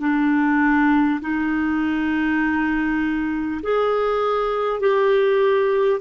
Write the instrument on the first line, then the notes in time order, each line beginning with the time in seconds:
clarinet
0.00 D4
1.21 D#4
3.63 G#4
4.81 G4